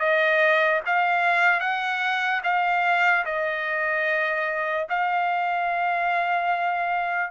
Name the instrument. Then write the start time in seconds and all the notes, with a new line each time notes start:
trumpet
0.00 D#5
0.86 F5
1.60 F#5
2.44 F5
3.26 D#5
4.90 F5